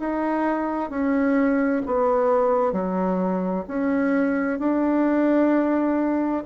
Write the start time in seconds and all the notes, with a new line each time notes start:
0.00 D#4
0.90 C#4
1.86 B3
2.73 F#3
3.68 C#4
4.59 D4